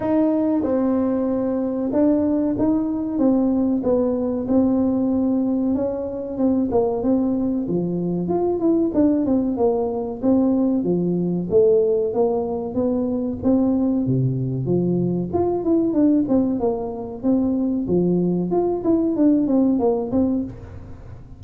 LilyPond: \new Staff \with { instrumentName = "tuba" } { \time 4/4 \tempo 4 = 94 dis'4 c'2 d'4 | dis'4 c'4 b4 c'4~ | c'4 cis'4 c'8 ais8 c'4 | f4 f'8 e'8 d'8 c'8 ais4 |
c'4 f4 a4 ais4 | b4 c'4 c4 f4 | f'8 e'8 d'8 c'8 ais4 c'4 | f4 f'8 e'8 d'8 c'8 ais8 c'8 | }